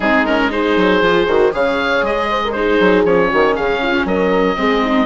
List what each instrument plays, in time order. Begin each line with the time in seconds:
0.00 bassoon G#3, viola C4, horn D#4, oboe G#4
0.25 viola C#4, oboe A#4
0.50 viola D#4, horn G#4, oboe C5
0.76 bassoon F#3
1.01 bassoon F3, viola F4
1.27 bassoon D#3, viola F#4
1.52 bassoon C#3, viola G#4, horn C#5, oboe F5
2.02 bassoon G#3, oboe D#5
2.30 horn C5
2.44 horn A#4
2.51 viola D#4, horn G#4, oboe C5
2.79 bassoon F#3
3.04 bassoon F3, viola C#4, oboe C#5
3.29 bassoon D#3, horn F#4
3.55 bassoon C#3, horn G#4, oboe F5
3.81 horn F4
4.04 bassoon F#3, horn A#4, oboe D#5
4.56 bassoon G#3, viola C4, horn G#4
4.82 horn D#4